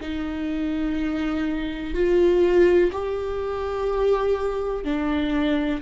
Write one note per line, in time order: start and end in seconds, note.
0.00 1.94 D#4
1.94 2.91 F4
2.92 4.84 G4
4.84 5.81 D4